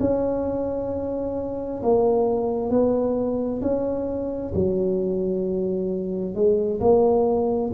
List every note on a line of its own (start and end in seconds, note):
0.00 1.82 C#4
1.83 2.70 A#3
2.70 3.61 B3
3.61 4.52 C#4
4.55 6.34 F#3
6.34 6.80 G#3
6.80 7.71 A#3